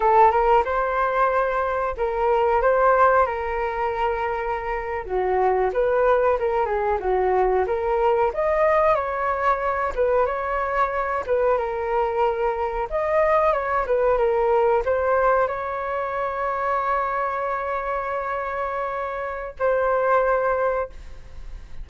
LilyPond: \new Staff \with { instrumentName = "flute" } { \time 4/4 \tempo 4 = 92 a'8 ais'8 c''2 ais'4 | c''4 ais'2~ ais'8. fis'16~ | fis'8. b'4 ais'8 gis'8 fis'4 ais'16~ | ais'8. dis''4 cis''4. b'8 cis''16~ |
cis''4~ cis''16 b'8 ais'2 dis''16~ | dis''8. cis''8 b'8 ais'4 c''4 cis''16~ | cis''1~ | cis''2 c''2 | }